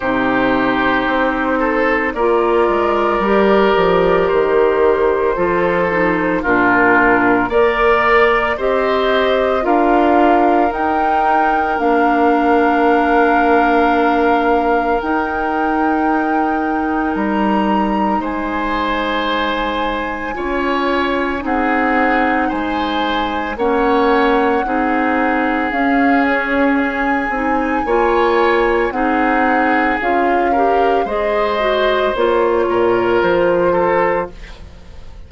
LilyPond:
<<
  \new Staff \with { instrumentName = "flute" } { \time 4/4 \tempo 4 = 56 c''2 d''2 | c''2 ais'4 d''4 | dis''4 f''4 g''4 f''4~ | f''2 g''2 |
ais''4 gis''2. | fis''4 gis''4 fis''2 | f''8 cis''8 gis''2 fis''4 | f''4 dis''4 cis''4 c''4 | }
  \new Staff \with { instrumentName = "oboe" } { \time 4/4 g'4. a'8 ais'2~ | ais'4 a'4 f'4 d''4 | c''4 ais'2.~ | ais'1~ |
ais'4 c''2 cis''4 | gis'4 c''4 cis''4 gis'4~ | gis'2 cis''4 gis'4~ | gis'8 ais'8 c''4. ais'4 a'8 | }
  \new Staff \with { instrumentName = "clarinet" } { \time 4/4 dis'2 f'4 g'4~ | g'4 f'8 dis'8 d'4 ais'4 | g'4 f'4 dis'4 d'4~ | d'2 dis'2~ |
dis'2. f'4 | dis'2 cis'4 dis'4 | cis'4. dis'8 f'4 dis'4 | f'8 g'8 gis'8 fis'8 f'2 | }
  \new Staff \with { instrumentName = "bassoon" } { \time 4/4 c4 c'4 ais8 gis8 g8 f8 | dis4 f4 ais,4 ais4 | c'4 d'4 dis'4 ais4~ | ais2 dis'2 |
g4 gis2 cis'4 | c'4 gis4 ais4 c'4 | cis'4. c'8 ais4 c'4 | cis'4 gis4 ais8 ais,8 f4 | }
>>